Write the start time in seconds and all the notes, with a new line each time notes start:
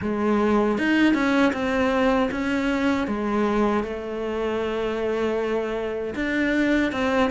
0.01 G#3
0.78 D#4
1.14 C#4
1.52 C4
2.31 C#4
3.07 G#3
3.83 A3
6.15 D4
6.92 C4